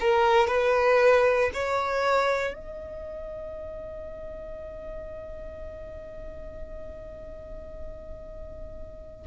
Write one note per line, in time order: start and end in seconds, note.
0.00 0.47 A#4
0.47 1.51 B4
1.54 2.53 C#5
2.53 9.26 D#5